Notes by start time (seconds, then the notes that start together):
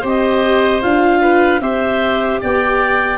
0.00 C4 G4 C5
0.07 D#5
0.81 D4 F4 F5
1.21 B4
1.60 C4 G4 C5 E5
2.40 B3 D5 G5